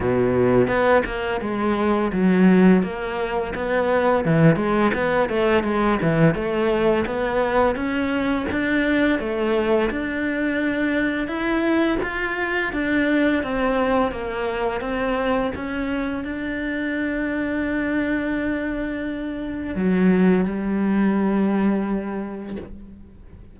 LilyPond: \new Staff \with { instrumentName = "cello" } { \time 4/4 \tempo 4 = 85 b,4 b8 ais8 gis4 fis4 | ais4 b4 e8 gis8 b8 a8 | gis8 e8 a4 b4 cis'4 | d'4 a4 d'2 |
e'4 f'4 d'4 c'4 | ais4 c'4 cis'4 d'4~ | d'1 | fis4 g2. | }